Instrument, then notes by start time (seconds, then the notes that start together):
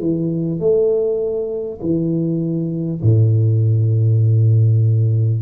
tuba
0.00 E3
0.59 A3
1.81 E3
3.02 A2